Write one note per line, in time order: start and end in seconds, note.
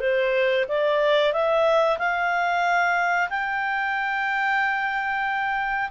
0.00 0.65 C5
0.68 1.33 D5
1.33 1.98 E5
1.98 3.29 F5
3.29 5.90 G5